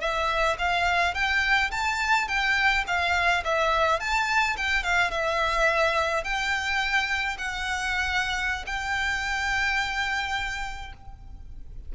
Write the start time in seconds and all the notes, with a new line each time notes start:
0.00 E5
0.58 F5
1.14 G5
1.71 A5
2.27 G5
2.87 F5
3.44 E5
4.00 A5
4.57 G5
4.83 F5
5.10 E5
6.24 G5
7.38 F#5
8.66 G5